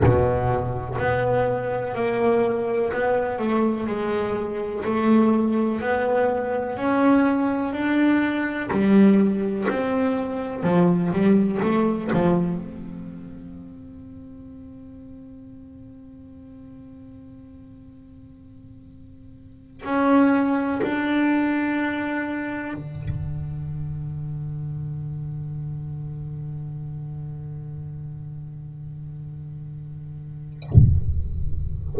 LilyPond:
\new Staff \with { instrumentName = "double bass" } { \time 4/4 \tempo 4 = 62 b,4 b4 ais4 b8 a8 | gis4 a4 b4 cis'4 | d'4 g4 c'4 f8 g8 | a8 f8 c'2.~ |
c'1~ | c'8 cis'4 d'2 d8~ | d1~ | d1 | }